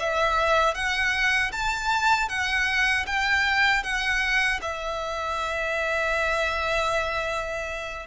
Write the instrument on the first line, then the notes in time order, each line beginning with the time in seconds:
violin
0.00 E5
0.75 F#5
1.52 A5
2.29 F#5
3.07 G5
3.84 F#5
4.62 E5